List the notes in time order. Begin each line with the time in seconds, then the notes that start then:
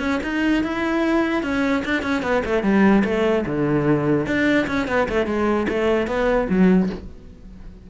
0.00 C#4
0.24 D#4
0.64 E4
1.43 C#4
1.85 D4
2.03 C#4
2.23 B3
2.45 A3
2.63 G3
3.05 A3
3.46 D3
4.27 D4
4.68 C#4
4.88 B3
5.09 A3
5.27 G#3
5.69 A3
6.07 B3
6.50 F#3